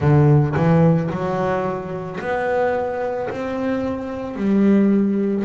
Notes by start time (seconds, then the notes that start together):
0.00 D3
0.56 E3
1.10 F#3
2.20 B3
3.30 C4
4.36 G3